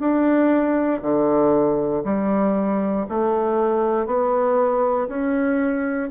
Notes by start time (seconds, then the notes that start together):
0.00 D4
1.02 D3
2.04 G3
3.09 A3
4.06 B3
5.08 C#4